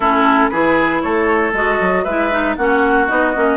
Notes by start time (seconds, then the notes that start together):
0.00 A3 C#4 E4 A4
0.49 E3 E4 G#4 B4
1.01 A3 A4 C#5
1.52 G#3 F#4 D#5
1.80 F#3
2.04 G#3 E4 B4 E5
2.31 D#4
2.55 A#3 C#4 F#4 F#5
3.07 B3 D#4 D#5
3.34 A#3 C#4